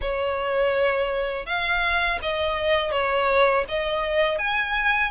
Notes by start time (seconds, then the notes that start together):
0.01 C#5
1.46 F5
2.22 D#5
2.91 C#5
3.68 D#5
4.38 G#5